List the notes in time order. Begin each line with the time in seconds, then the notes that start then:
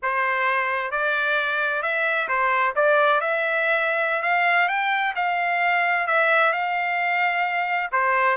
0.02 C5
0.91 D5
1.82 E5
2.28 C5
2.75 D5
3.21 E5
4.22 F5
4.68 G5
5.15 F5
6.07 E5
6.52 F5
7.91 C5